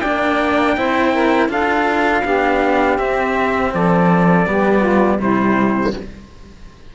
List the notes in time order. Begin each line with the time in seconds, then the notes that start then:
0.00 A#3 D4 D5 G5
0.77 C4 E4 C5
1.12 A#4
1.48 D4 F4 A4 F5
2.23 B3 D4 G4
2.98 C4 E5
3.73 F3 A4 D5
4.46 G3 B3 G4
4.78 F4
5.18 C3 G3 E4 C5